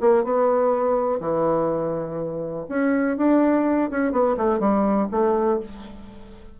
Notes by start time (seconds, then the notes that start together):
0.00 A#3
0.24 B3
1.20 E3
2.68 C#4
3.17 D4
3.90 C#4
4.12 B3
4.37 A3
4.59 G3
5.11 A3